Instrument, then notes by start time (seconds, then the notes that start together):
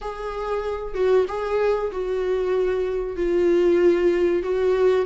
viola
0.01 G#4
0.94 F#4
1.28 G#4
1.91 F#4
3.16 F4
4.42 F#4